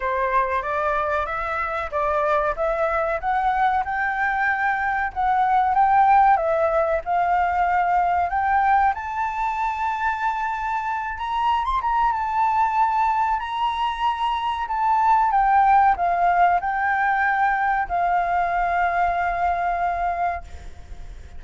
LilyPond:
\new Staff \with { instrumentName = "flute" } { \time 4/4 \tempo 4 = 94 c''4 d''4 e''4 d''4 | e''4 fis''4 g''2 | fis''4 g''4 e''4 f''4~ | f''4 g''4 a''2~ |
a''4. ais''8. c'''16 ais''8 a''4~ | a''4 ais''2 a''4 | g''4 f''4 g''2 | f''1 | }